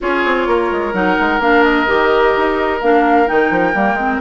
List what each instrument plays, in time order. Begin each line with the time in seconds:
0.01 bassoon C#4, clarinet F4, oboe G#4, flute C#5
0.25 bassoon C4
0.47 bassoon A#3, oboe A#4
0.71 bassoon G#3
0.93 bassoon F#3, clarinet D#4, flute F#5
1.20 bassoon G#3
1.39 bassoon A#3, clarinet D4, flute F5
1.63 flute D#5
1.86 bassoon D#3, clarinet G4
2.36 bassoon D#4
2.81 bassoon A#3, clarinet D4, flute F5
3.26 bassoon D#3, clarinet D#4, flute G5
3.50 bassoon F3
3.74 bassoon G3, clarinet A#3
3.93 bassoon G#3, clarinet C4